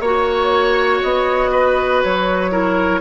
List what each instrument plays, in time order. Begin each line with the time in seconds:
0.00 bassoon A#3, clarinet F#4, oboe C#5, flute C#5
1.02 bassoon B3, flute D#5
1.51 oboe B4
2.02 bassoon F#3, flute C#5
2.50 clarinet E4, oboe A#4